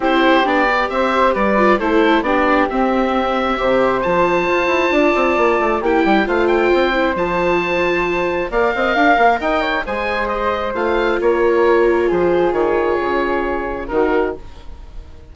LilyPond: <<
  \new Staff \with { instrumentName = "oboe" } { \time 4/4 \tempo 4 = 134 c''4 d''4 e''4 d''4 | c''4 d''4 e''2~ | e''4 a''2.~ | a''4 g''4 f''8 g''4. |
a''2. f''4~ | f''4 g''4 gis''4 dis''4 | f''4 cis''2 c''4 | cis''2. ais'4 | }
  \new Staff \with { instrumentName = "flute" } { \time 4/4 g'2 c''4 b'4 | a'4 g'2. | c''2. d''4~ | d''4 g'4 c''2~ |
c''2. d''8 dis''8 | f''4 dis''8 cis''8 c''2~ | c''4 ais'2 gis'4~ | gis'2. fis'4 | }
  \new Staff \with { instrumentName = "viola" } { \time 4/4 e'4 d'8 g'2 f'8 | e'4 d'4 c'2 | g'4 f'2.~ | f'4 e'4 f'4. e'8 |
f'2. ais'4~ | ais'2 gis'2 | f'1~ | f'2. dis'4 | }
  \new Staff \with { instrumentName = "bassoon" } { \time 4/4 c'4 b4 c'4 g4 | a4 b4 c'2 | c4 f4 f'8 e'8 d'8 c'8 | ais8 a8 ais8 g8 a4 c'4 |
f2. ais8 c'8 | d'8 ais8 dis'4 gis2 | a4 ais2 f4 | dis4 cis2 dis4 | }
>>